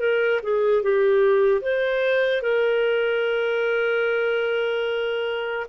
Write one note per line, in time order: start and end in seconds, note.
0.00 0.41 A#4
0.43 0.83 G#4
0.83 1.61 G4
1.61 2.42 C5
2.42 5.66 A#4